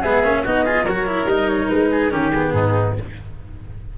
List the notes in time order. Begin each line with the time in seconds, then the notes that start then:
0.00 G#3 B3 G#4 E5
0.24 A#3 C#4
0.43 B3 D#4 F#4 D#5
0.64 F4 G#4
0.84 F#3 F#4 A#4 C#5
1.06 E4
1.25 G3 D#4 D#5
1.47 C#5
1.68 G#3 B4
1.91 G#4
2.10 D#3 C#4 G4 A#4
2.30 B3 G#4
2.52 G#2 D#4